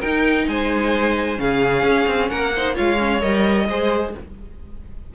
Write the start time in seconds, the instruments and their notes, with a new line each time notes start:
0.00 viola D#4, cello D#4, violin A#4 G5
0.48 cello G#3, violin C5 G#5
1.37 cello C#3, viola C#4, violin G#4 F5
1.83 cello C#4
2.08 cello C4
2.30 cello A#3, violin A#4 F#5
2.56 viola D#4, violin C5
2.75 cello G#3, viola F4, violin C#5 F5
2.99 viola C#4
3.21 cello G3, viola A#4, violin D#5
3.69 cello G#3, viola G#4, violin C5